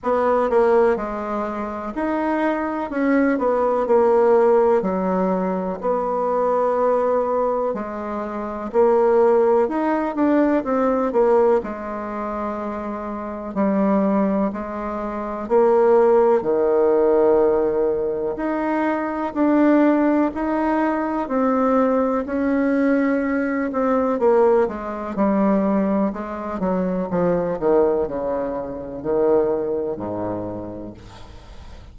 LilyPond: \new Staff \with { instrumentName = "bassoon" } { \time 4/4 \tempo 4 = 62 b8 ais8 gis4 dis'4 cis'8 b8 | ais4 fis4 b2 | gis4 ais4 dis'8 d'8 c'8 ais8 | gis2 g4 gis4 |
ais4 dis2 dis'4 | d'4 dis'4 c'4 cis'4~ | cis'8 c'8 ais8 gis8 g4 gis8 fis8 | f8 dis8 cis4 dis4 gis,4 | }